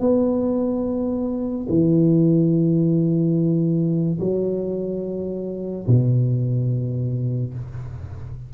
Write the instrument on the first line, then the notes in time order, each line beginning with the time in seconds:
tuba
0.00 B3
1.69 E3
4.20 F#3
5.87 B2